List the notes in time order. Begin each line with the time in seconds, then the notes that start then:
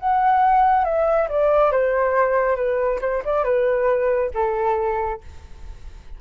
0.00 F#5
0.85 E5
1.29 D5
1.72 C5
2.57 B4
3.02 C5
3.25 D5
3.44 B4
4.34 A4